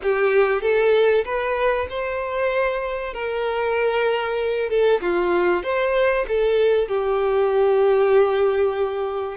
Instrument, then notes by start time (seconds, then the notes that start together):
violin
0.02 G4
0.61 A4
1.24 B4
1.89 C5
3.13 A#4
4.69 A4
5.01 F4
5.63 C5
6.28 A4
6.88 G4